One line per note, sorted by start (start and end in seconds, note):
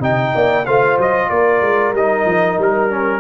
0.00 0.32 C3
0.00 0.64 D#4
0.00 0.33 D#5
0.00 0.65 G5
0.35 0.66 A#3
0.35 0.67 D5
0.65 0.98 A3
0.65 1.95 F4
0.65 1.30 C5
0.65 0.97 F5
0.98 1.30 F#3
0.98 1.30 D#5
1.30 1.61 A#3
1.30 3.20 A#4
1.30 1.94 D5
1.61 1.93 G#3
1.93 2.25 G3
1.93 2.90 D#4
1.93 2.60 D#5
2.26 2.57 F3
2.58 3.20 G3
2.58 3.20 A#4
2.90 3.20 C#4